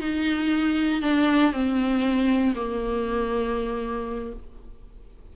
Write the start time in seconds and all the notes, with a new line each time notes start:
0.00 D#4
1.02 D4
1.52 C4
2.55 A#3